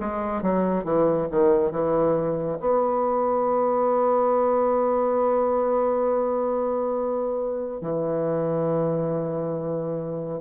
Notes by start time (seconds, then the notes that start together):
0.00 G#3
0.42 F#3
0.84 E3
1.31 D#3
1.72 E3
2.60 B3
7.81 E3